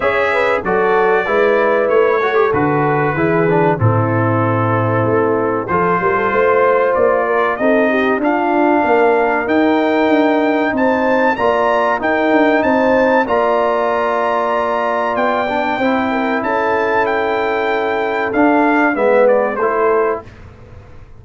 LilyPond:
<<
  \new Staff \with { instrumentName = "trumpet" } { \time 4/4 \tempo 4 = 95 e''4 d''2 cis''4 | b'2 a'2~ | a'4 c''2 d''4 | dis''4 f''2 g''4~ |
g''4 a''4 ais''4 g''4 | a''4 ais''2. | g''2 a''4 g''4~ | g''4 f''4 e''8 d''8 c''4 | }
  \new Staff \with { instrumentName = "horn" } { \time 4/4 cis''8 b'8 a'4 b'4. a'8~ | a'4 gis'4 e'2~ | e'4 a'8 ais'16 a'16 c''4. ais'8 | a'8 g'8 f'4 ais'2~ |
ais'4 c''4 d''4 ais'4 | c''4 d''2.~ | d''4 c''8 ais'8 a'2~ | a'2 b'4 a'4 | }
  \new Staff \with { instrumentName = "trombone" } { \time 4/4 gis'4 fis'4 e'4. fis'16 g'16 | fis'4 e'8 d'8 c'2~ | c'4 f'2. | dis'4 d'2 dis'4~ |
dis'2 f'4 dis'4~ | dis'4 f'2.~ | f'8 d'8 e'2.~ | e'4 d'4 b4 e'4 | }
  \new Staff \with { instrumentName = "tuba" } { \time 4/4 cis'4 fis4 gis4 a4 | d4 e4 a,2 | a4 f8 g8 a4 ais4 | c'4 d'4 ais4 dis'4 |
d'4 c'4 ais4 dis'8 d'8 | c'4 ais2. | b4 c'4 cis'2~ | cis'4 d'4 gis4 a4 | }
>>